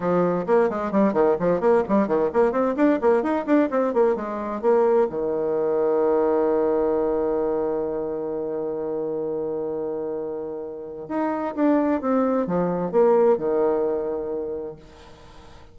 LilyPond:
\new Staff \with { instrumentName = "bassoon" } { \time 4/4 \tempo 4 = 130 f4 ais8 gis8 g8 dis8 f8 ais8 | g8 dis8 ais8 c'8 d'8 ais8 dis'8 d'8 | c'8 ais8 gis4 ais4 dis4~ | dis1~ |
dis1~ | dis1 | dis'4 d'4 c'4 f4 | ais4 dis2. | }